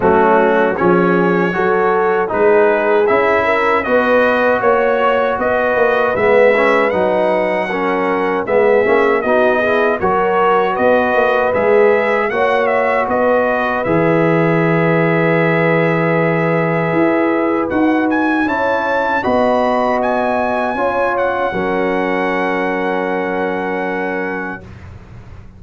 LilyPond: <<
  \new Staff \with { instrumentName = "trumpet" } { \time 4/4 \tempo 4 = 78 fis'4 cis''2 b'4 | e''4 dis''4 cis''4 dis''4 | e''4 fis''2 e''4 | dis''4 cis''4 dis''4 e''4 |
fis''8 e''8 dis''4 e''2~ | e''2. fis''8 gis''8 | a''4 b''4 gis''4. fis''8~ | fis''1 | }
  \new Staff \with { instrumentName = "horn" } { \time 4/4 cis'4 gis'4 a'4 gis'4~ | gis'8 ais'8 b'4 cis''4 b'4~ | b'2 ais'4 gis'4 | fis'8 gis'8 ais'4 b'2 |
cis''4 b'2.~ | b'1 | cis''4 dis''2 cis''4 | ais'1 | }
  \new Staff \with { instrumentName = "trombone" } { \time 4/4 a4 cis'4 fis'4 dis'4 | e'4 fis'2. | b8 cis'8 dis'4 cis'4 b8 cis'8 | dis'8 e'8 fis'2 gis'4 |
fis'2 gis'2~ | gis'2. fis'4 | e'4 fis'2 f'4 | cis'1 | }
  \new Staff \with { instrumentName = "tuba" } { \time 4/4 fis4 f4 fis4 gis4 | cis'4 b4 ais4 b8 ais8 | gis4 fis2 gis8 ais8 | b4 fis4 b8 ais8 gis4 |
ais4 b4 e2~ | e2 e'4 dis'4 | cis'4 b2 cis'4 | fis1 | }
>>